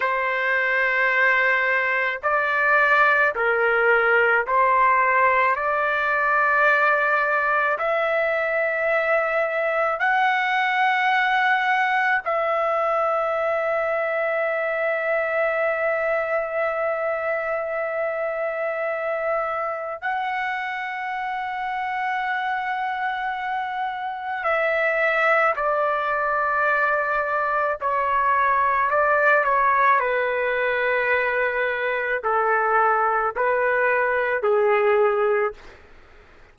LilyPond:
\new Staff \with { instrumentName = "trumpet" } { \time 4/4 \tempo 4 = 54 c''2 d''4 ais'4 | c''4 d''2 e''4~ | e''4 fis''2 e''4~ | e''1~ |
e''2 fis''2~ | fis''2 e''4 d''4~ | d''4 cis''4 d''8 cis''8 b'4~ | b'4 a'4 b'4 gis'4 | }